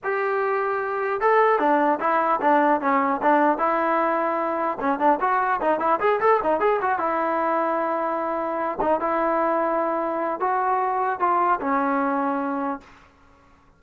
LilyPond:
\new Staff \with { instrumentName = "trombone" } { \time 4/4 \tempo 4 = 150 g'2. a'4 | d'4 e'4 d'4 cis'4 | d'4 e'2. | cis'8 d'8 fis'4 dis'8 e'8 gis'8 a'8 |
dis'8 gis'8 fis'8 e'2~ e'8~ | e'2 dis'8 e'4.~ | e'2 fis'2 | f'4 cis'2. | }